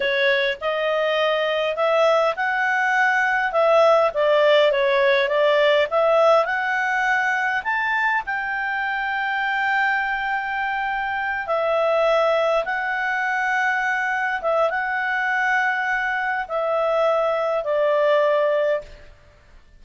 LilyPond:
\new Staff \with { instrumentName = "clarinet" } { \time 4/4 \tempo 4 = 102 cis''4 dis''2 e''4 | fis''2 e''4 d''4 | cis''4 d''4 e''4 fis''4~ | fis''4 a''4 g''2~ |
g''2.~ g''8 e''8~ | e''4. fis''2~ fis''8~ | fis''8 e''8 fis''2. | e''2 d''2 | }